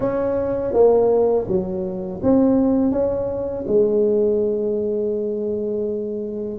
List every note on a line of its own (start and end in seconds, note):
0.00 0.73 C#4
0.73 1.46 A#3
1.47 2.21 F#3
2.23 2.91 C4
2.91 3.64 C#4
3.67 6.59 G#3